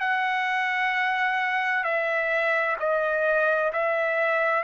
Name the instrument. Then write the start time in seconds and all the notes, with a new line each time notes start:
trumpet
0.00 F#5
1.84 E5
2.79 D#5
3.73 E5